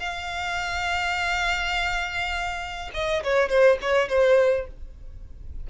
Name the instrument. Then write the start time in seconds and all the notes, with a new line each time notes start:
violin
0.00 F5
2.94 D#5
3.24 C#5
3.50 C5
3.82 C#5
4.09 C5